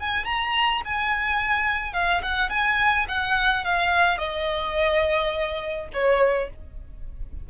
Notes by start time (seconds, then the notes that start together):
0.00 G#5
0.25 A#5
0.85 G#5
1.93 F5
2.22 F#5
2.50 G#5
3.08 F#5
3.64 F5
4.18 D#5
5.93 C#5